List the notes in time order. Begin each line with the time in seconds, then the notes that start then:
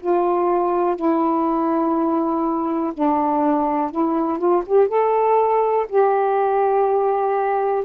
0.00 F4
0.96 E4
2.94 D4
3.91 E4
4.38 F4
4.66 G4
4.88 A4
5.89 G4